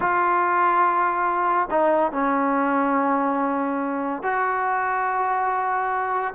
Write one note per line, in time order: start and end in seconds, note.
0.00 1.68 F4
1.70 2.12 D#4
2.12 4.23 C#4
4.23 6.34 F#4